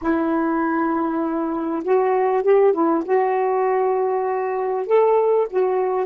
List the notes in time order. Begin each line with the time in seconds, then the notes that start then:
0.01 E4
1.83 F#4
2.43 G4
2.73 E4
3.05 F#4
4.86 A4
5.50 F#4